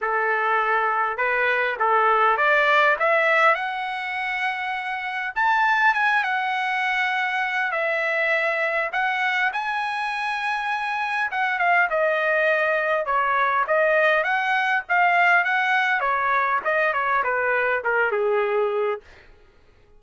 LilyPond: \new Staff \with { instrumentName = "trumpet" } { \time 4/4 \tempo 4 = 101 a'2 b'4 a'4 | d''4 e''4 fis''2~ | fis''4 a''4 gis''8 fis''4.~ | fis''4 e''2 fis''4 |
gis''2. fis''8 f''8 | dis''2 cis''4 dis''4 | fis''4 f''4 fis''4 cis''4 | dis''8 cis''8 b'4 ais'8 gis'4. | }